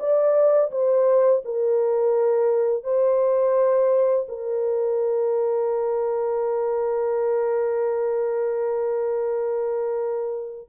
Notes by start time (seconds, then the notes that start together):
0.00 D5
0.72 C5
1.45 A#4
2.84 C5
4.29 A#4